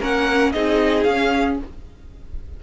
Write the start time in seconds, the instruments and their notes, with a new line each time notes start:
0.00 cello A#3, viola C#4, violin A#4 F#5
0.52 cello C4, viola D#4, violin G#4 D#5
1.04 cello C#4, violin F5
1.10 viola C#4